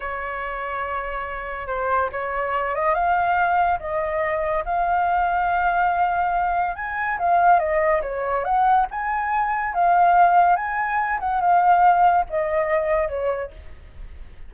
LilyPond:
\new Staff \with { instrumentName = "flute" } { \time 4/4 \tempo 4 = 142 cis''1 | c''4 cis''4. dis''8 f''4~ | f''4 dis''2 f''4~ | f''1 |
gis''4 f''4 dis''4 cis''4 | fis''4 gis''2 f''4~ | f''4 gis''4. fis''8 f''4~ | f''4 dis''2 cis''4 | }